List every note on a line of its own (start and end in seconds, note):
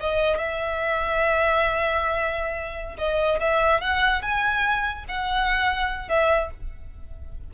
0.00 0.38 D#5
0.38 2.96 E5
2.98 3.39 D#5
3.40 3.81 E5
3.81 4.22 F#5
4.22 5.05 G#5
5.08 6.09 F#5
6.09 6.50 E5